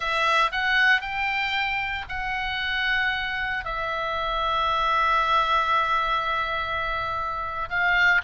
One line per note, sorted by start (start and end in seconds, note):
0.00 0.51 E5
0.51 1.01 F#5
1.01 2.05 G5
2.08 3.64 F#5
3.64 7.69 E5
7.69 8.21 F5